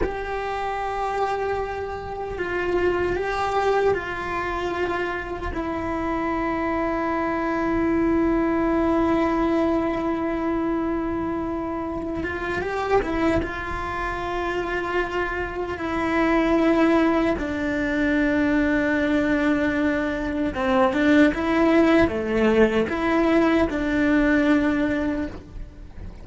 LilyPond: \new Staff \with { instrumentName = "cello" } { \time 4/4 \tempo 4 = 76 g'2. f'4 | g'4 f'2 e'4~ | e'1~ | e'2.~ e'8 f'8 |
g'8 e'8 f'2. | e'2 d'2~ | d'2 c'8 d'8 e'4 | a4 e'4 d'2 | }